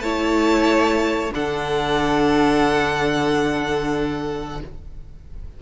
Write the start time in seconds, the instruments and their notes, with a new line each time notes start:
0.00 cello A3, viola E4, violin C#5 A5
1.31 cello D3, viola D4, violin A4 F#5